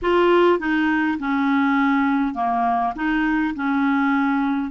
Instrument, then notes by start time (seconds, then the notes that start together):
clarinet
0.02 F4
0.59 D#4
1.19 C#4
2.34 A#3
2.95 D#4
3.55 C#4